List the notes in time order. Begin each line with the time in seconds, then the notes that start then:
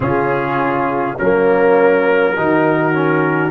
0.00 C#3 C#4 F4 G#4
1.16 F#3 A#3 C#4 A#4
2.36 D#3 D#4 F#4
2.93 C#4